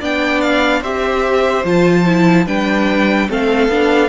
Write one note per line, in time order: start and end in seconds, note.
0.00 0.82 B3
0.00 0.83 D4
0.00 0.81 D5
0.00 0.41 G5
0.41 0.82 F5
0.81 1.64 C4
0.81 1.64 G4
0.81 2.45 C5
0.81 1.65 E5
1.64 2.46 F3
1.64 2.05 F4
1.64 2.47 A5
2.06 2.46 E4
2.46 3.28 G3
2.46 3.28 D4
2.46 3.28 B4
2.46 3.29 G5
3.29 3.68 A3
3.29 3.70 C4
3.29 4.09 A4
3.29 4.09 F5
3.68 4.09 B3
3.68 4.09 D4